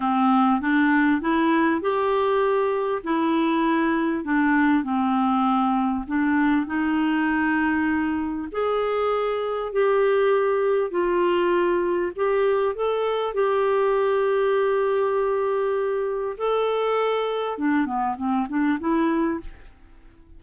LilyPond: \new Staff \with { instrumentName = "clarinet" } { \time 4/4 \tempo 4 = 99 c'4 d'4 e'4 g'4~ | g'4 e'2 d'4 | c'2 d'4 dis'4~ | dis'2 gis'2 |
g'2 f'2 | g'4 a'4 g'2~ | g'2. a'4~ | a'4 d'8 b8 c'8 d'8 e'4 | }